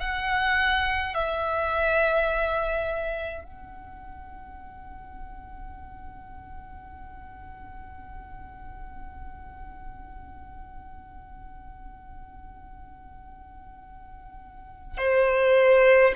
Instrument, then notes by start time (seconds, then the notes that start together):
violin
0.00 F#5
1.14 E5
3.44 F#5
14.98 C5